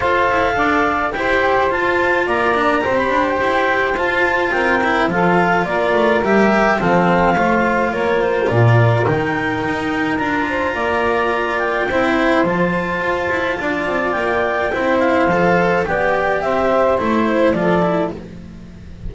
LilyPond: <<
  \new Staff \with { instrumentName = "clarinet" } { \time 4/4 \tempo 4 = 106 f''2 g''4 a''4 | ais''4~ ais''16 b''8 g''4~ g''16 a''4 | g''4 f''4 d''4 e''4 | f''2 cis''8 c''8 d''4 |
g''2 ais''2~ | ais''8 g''4. a''2~ | a''4 g''4. f''4. | g''4 e''4 c''4 d''4 | }
  \new Staff \with { instrumentName = "saxophone" } { \time 4/4 c''4 d''4 c''2 | d''4 c''2. | ais'4 a'4 ais'2 | a'4 c''4 ais'2~ |
ais'2~ ais'8 c''8 d''4~ | d''4 c''2. | d''2 c''2 | d''4 c''2 a'4 | }
  \new Staff \with { instrumentName = "cello" } { \time 4/4 a'2 g'4 f'4~ | f'8 d'8 g'2 f'4~ | f'8 e'8 f'2 g'4 | c'4 f'2. |
dis'2 f'2~ | f'4 e'4 f'2~ | f'2 e'4 a'4 | g'2 e'4 f'8 e'8 | }
  \new Staff \with { instrumentName = "double bass" } { \time 4/4 f'8 e'8 d'4 e'4 f'4 | ais4 c'8 d'8 e'4 f'4 | c'4 f4 ais8 a8 g4 | f4 a4 ais4 ais,4 |
dis4 dis'4 d'4 ais4~ | ais4 c'4 f4 f'8 e'8 | d'8 c'8 ais4 c'4 f4 | b4 c'4 a4 f4 | }
>>